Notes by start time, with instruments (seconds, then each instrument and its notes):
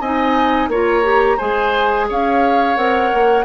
0.00 bassoon C4, clarinet D#4, oboe D#5, flute G#5
0.68 bassoon A#3, clarinet F4, oboe C#5, flute A#5
1.03 clarinet G4
1.37 bassoon G#3, clarinet G#4, oboe C5, flute G#5
2.08 bassoon C#4, oboe C#5, flute F5
2.76 bassoon C4, clarinet A#4, flute F#5
3.13 bassoon A#3